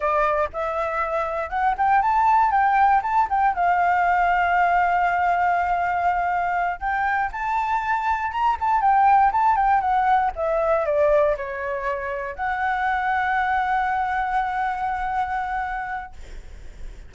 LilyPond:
\new Staff \with { instrumentName = "flute" } { \time 4/4 \tempo 4 = 119 d''4 e''2 fis''8 g''8 | a''4 g''4 a''8 g''8 f''4~ | f''1~ | f''4. g''4 a''4.~ |
a''8 ais''8 a''8 g''4 a''8 g''8 fis''8~ | fis''8 e''4 d''4 cis''4.~ | cis''8 fis''2.~ fis''8~ | fis''1 | }